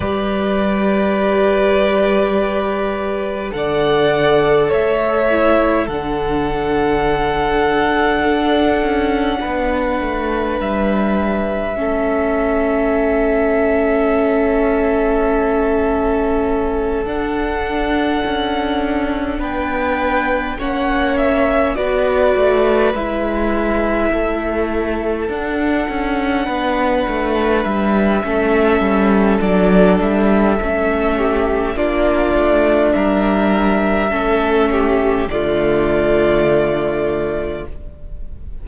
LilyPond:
<<
  \new Staff \with { instrumentName = "violin" } { \time 4/4 \tempo 4 = 51 d''2. fis''4 | e''4 fis''2.~ | fis''4 e''2.~ | e''2~ e''8 fis''4.~ |
fis''8 g''4 fis''8 e''8 d''4 e''8~ | e''4. fis''2 e''8~ | e''4 d''8 e''4. d''4 | e''2 d''2 | }
  \new Staff \with { instrumentName = "violin" } { \time 4/4 b'2. d''4 | cis''4 a'2. | b'2 a'2~ | a'1~ |
a'8 b'4 cis''4 b'4.~ | b'8 a'2 b'4. | a'2~ a'8 g'8 f'4 | ais'4 a'8 g'8 f'2 | }
  \new Staff \with { instrumentName = "viola" } { \time 4/4 g'2. a'4~ | a'8 e'8 d'2.~ | d'2 cis'2~ | cis'2~ cis'8 d'4.~ |
d'4. cis'4 fis'4 e'8~ | e'4. d'2~ d'8 | cis'4 d'4 cis'4 d'4~ | d'4 cis'4 a2 | }
  \new Staff \with { instrumentName = "cello" } { \time 4/4 g2. d4 | a4 d2 d'8 cis'8 | b8 a8 g4 a2~ | a2~ a8 d'4 cis'8~ |
cis'8 b4 ais4 b8 a8 gis8~ | gis8 a4 d'8 cis'8 b8 a8 g8 | a8 g8 fis8 g8 a4 ais8 a8 | g4 a4 d2 | }
>>